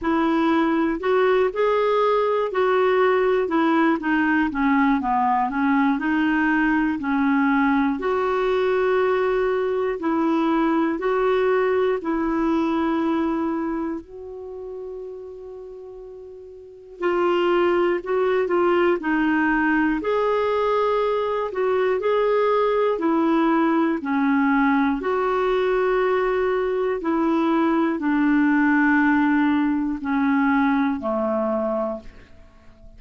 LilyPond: \new Staff \with { instrumentName = "clarinet" } { \time 4/4 \tempo 4 = 60 e'4 fis'8 gis'4 fis'4 e'8 | dis'8 cis'8 b8 cis'8 dis'4 cis'4 | fis'2 e'4 fis'4 | e'2 fis'2~ |
fis'4 f'4 fis'8 f'8 dis'4 | gis'4. fis'8 gis'4 e'4 | cis'4 fis'2 e'4 | d'2 cis'4 a4 | }